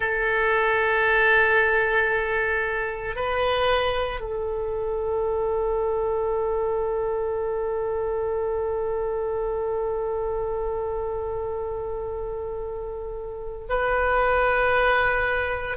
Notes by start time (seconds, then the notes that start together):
0.00 A4
3.15 B4
4.20 A4
13.68 B4